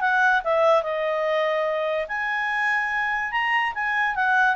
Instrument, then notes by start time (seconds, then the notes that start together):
clarinet
0.00 F#5
0.43 E5
0.82 D#5
2.07 G#5
3.31 A#5
3.74 G#5
4.15 F#5